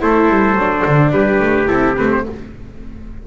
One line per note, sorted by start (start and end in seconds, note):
0.00 0.29 A3
0.00 0.56 E4
0.00 1.14 A4
0.00 1.12 C5
0.29 0.55 G3
0.55 0.83 F#3
0.55 1.67 D4
0.86 1.12 D3
1.12 1.40 G3
1.12 2.26 G4
1.12 1.68 B4
1.40 1.68 A3
1.67 1.98 C4
1.67 1.95 E4
1.67 1.96 A4
1.97 2.27 A3
1.97 2.25 C4
1.97 2.11 B4
2.12 2.26 C5